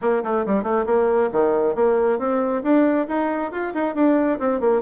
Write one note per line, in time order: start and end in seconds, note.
0.01 0.23 A#3
0.23 0.45 A3
0.45 0.63 G3
0.63 0.85 A3
0.86 1.29 A#3
1.31 1.75 D#3
1.75 2.18 A#3
2.18 2.62 C4
2.63 3.07 D4
3.08 3.51 D#4
3.51 3.73 F4
3.74 3.95 D#4
3.95 4.38 D4
4.39 4.60 C4
4.60 4.81 A#3